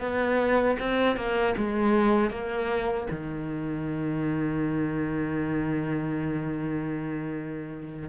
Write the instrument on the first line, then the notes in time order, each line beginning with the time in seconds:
cello
0.00 B3
0.79 C4
1.17 A#3
1.57 G#3
2.30 A#3
3.11 D#3